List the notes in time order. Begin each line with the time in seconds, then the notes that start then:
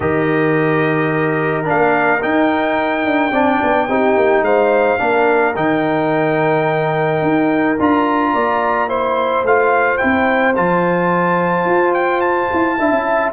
0.00 D#3 G4 A#4 D#5
1.64 D4 F5
1.70 A#3
2.20 D#4 G5
3.05 D4
3.31 C4 D4 D5
3.63 B3
3.88 C4 D#4 G4
4.16 A#3
4.41 G#3 C5 F5
4.98 A#3 D4 A#4
5.55 D#3 D#4 G5
7.22 D#4
7.79 D4 F4 A#5
8.33 A#3 D5
8.88 E4 C5 C6
9.44 A3 F4 F5
9.97 C4 E4 G5
10.55 F3 F4 A5
11.65 F4
11.94 G5
12.20 A5
12.52 E4
12.78 D4 E4 E5
12.91 C#4